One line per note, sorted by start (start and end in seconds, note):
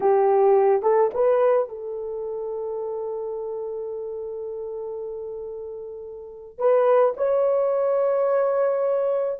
0.00 0.82 G4
0.82 1.10 A4
1.14 1.68 B4
1.68 6.58 A4
6.58 7.14 B4
7.16 9.39 C#5